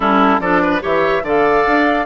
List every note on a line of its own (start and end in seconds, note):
0.00 0.39 G3
0.00 0.40 C#4
0.00 0.40 E4
0.00 0.40 A4
0.39 0.80 F3
0.39 0.81 D4
0.39 0.61 A4
0.39 0.81 D5
0.61 0.82 B4
0.81 1.22 E3
0.81 1.22 G4
0.81 1.23 C#5
0.81 1.26 E5
1.22 1.64 D3
1.22 2.05 A4
1.22 2.05 D5
1.22 2.05 F5
1.66 2.05 D4